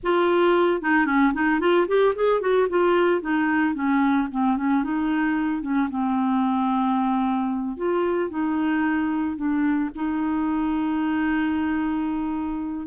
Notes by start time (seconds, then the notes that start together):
0.03 F4
0.81 D#4
1.06 C#4
1.33 D#4
1.59 F4
1.87 G4
2.15 G#4
2.40 F#4
2.69 F4
3.21 D#4
3.74 C#4
4.31 C4
4.57 C#4
4.83 D#4
5.62 C#4
5.90 C4
7.76 F4
8.30 D#4
9.36 D4
9.95 D#4